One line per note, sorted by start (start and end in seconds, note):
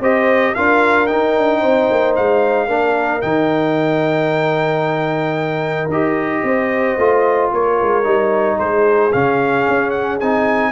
0.00 0.54 C4
0.00 0.56 G4
0.00 0.54 C5
0.00 0.55 D#5
0.55 1.11 D4
0.55 1.08 F4
0.55 1.60 A#4
0.55 1.07 F5
1.07 2.68 D#4
1.07 1.37 D#4
1.07 2.14 G5
1.37 1.62 D4
1.60 1.89 C4
1.60 2.67 C5
1.91 2.18 A#3
2.16 2.68 G#3
2.16 3.21 F5
2.67 3.22 A#3
2.67 3.22 D4
2.67 6.42 A#4
3.21 5.88 D#3
3.21 5.90 D#4
3.21 5.89 G5
5.88 6.42 D#4
5.88 6.99 G4
5.88 7.51 D#5
6.43 6.97 C4
6.43 7.53 C5
6.97 7.51 A3
6.97 8.04 F4
7.52 7.79 A#3
7.52 8.57 A#4
7.52 8.59 C#5
7.82 8.05 G#3
8.04 8.58 G3
8.04 9.11 D#4
8.57 9.13 G#3
8.57 10.72 G#4
8.57 9.12 C5
9.12 9.67 C#3
9.12 10.21 C#4
9.12 9.90 F5
9.68 10.21 C#4
9.90 10.17 F#5
10.20 10.72 C4
10.20 10.72 D#4
10.20 10.72 G#5